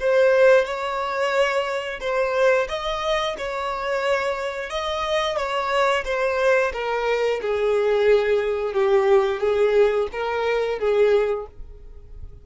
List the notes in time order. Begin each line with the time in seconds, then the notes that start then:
0.00 C5
0.65 C#5
2.00 C5
2.69 D#5
3.38 C#5
4.70 D#5
5.37 C#5
6.05 C5
6.73 A#4
7.42 G#4
8.73 G4
9.40 G#4
10.12 A#4
10.79 G#4